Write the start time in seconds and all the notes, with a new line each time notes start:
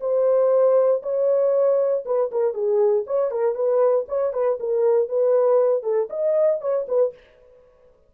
0.00 C5
1.02 C#5
2.05 B4
2.31 A#4
2.53 G#4
3.07 C#5
3.31 A#4
3.55 B4
4.08 C#5
4.33 B4
4.59 A#4
5.08 B4
5.83 A4
6.10 D#5
6.61 C#5
6.88 B4